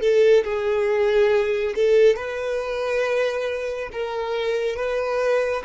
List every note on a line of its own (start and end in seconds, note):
0.00 0.43 A4
0.44 1.74 G#4
1.75 2.16 A4
2.16 3.90 B4
3.92 4.76 A#4
4.76 5.63 B4